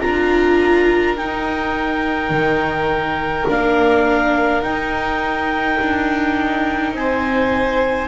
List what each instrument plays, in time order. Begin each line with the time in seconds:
0.00 double bass D4, viola F4, violin A#4, clarinet A#5
1.16 double bass D#4, viola D#4, clarinet G5
2.29 double bass D#3
3.48 double bass A#3, viola D4, clarinet F5
4.62 double bass D#4, viola D#4, clarinet G5
5.80 double bass D4
6.93 double bass C4, violin C5, clarinet G#5